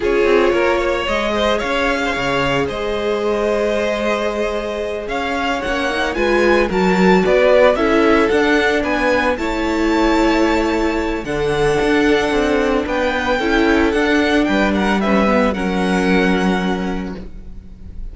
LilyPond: <<
  \new Staff \with { instrumentName = "violin" } { \time 4/4 \tempo 4 = 112 cis''2 dis''4 f''4~ | f''4 dis''2.~ | dis''4. f''4 fis''4 gis''8~ | gis''8 a''4 d''4 e''4 fis''8~ |
fis''8 gis''4 a''2~ a''8~ | a''4 fis''2. | g''2 fis''4 g''8 fis''8 | e''4 fis''2. | }
  \new Staff \with { instrumentName = "violin" } { \time 4/4 gis'4 ais'8 cis''4 c''8 cis''8. c''16 | cis''4 c''2.~ | c''4. cis''2 b'8~ | b'8 ais'4 b'4 a'4.~ |
a'8 b'4 cis''2~ cis''8~ | cis''4 a'2. | b'4 a'2 b'8 ais'8 | b'4 ais'2. | }
  \new Staff \with { instrumentName = "viola" } { \time 4/4 f'2 gis'2~ | gis'1~ | gis'2~ gis'8 cis'8 dis'8 f'8~ | f'8 fis'2 e'4 d'8~ |
d'4. e'2~ e'8~ | e'4 d'2.~ | d'4 e'4 d'2 | cis'8 b8 cis'2. | }
  \new Staff \with { instrumentName = "cello" } { \time 4/4 cis'8 c'8 ais4 gis4 cis'4 | cis4 gis2.~ | gis4. cis'4 ais4 gis8~ | gis8 fis4 b4 cis'4 d'8~ |
d'8 b4 a2~ a8~ | a4 d4 d'4 c'4 | b4 cis'4 d'4 g4~ | g4 fis2. | }
>>